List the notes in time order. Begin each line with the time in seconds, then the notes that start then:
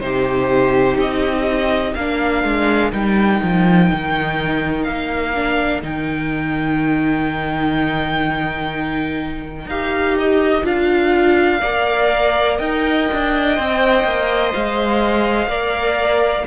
0.00 C3 D#4 G4 C5
0.97 C4 D#5
1.95 A#3 D4 A#4 F5
2.44 G#3
2.92 G3 D#4 G5
3.43 F3
3.93 D#3
4.84 A#3 F5
5.35 D4
5.82 D#3 D#4 G5
9.66 D#4 G4 F5
10.18 D#5
10.63 D4 F4 F5
11.61 A#3 A#4 D5
12.58 D#4 D#5 G5
13.13 D4
13.56 C4 C5
14.04 A#3
14.53 G#3 F5
15.47 A#3 A#4 D5